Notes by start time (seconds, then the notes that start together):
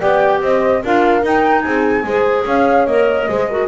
0.00 B3 G4 D5 G5
0.42 C4 C5 D#5
0.83 D4 F4 A#4 F5
1.22 D#4 G5
1.61 C4 G#4 G#5
2.03 G#3 G#4 C5
2.45 C#4 C#5 F5
2.87 A#3 A#4 D#5
3.29 G#3 G#4 C5
3.49 F#4 A#4